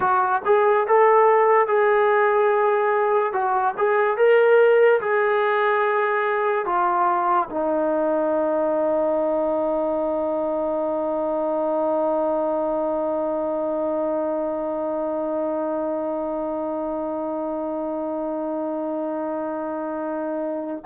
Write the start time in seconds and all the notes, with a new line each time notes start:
0.00 F#4
0.45 G#4
0.87 A4
1.67 G#4
3.33 F#4
3.77 G#4
4.17 A#4
5.00 G#4
6.65 F4
7.50 D#4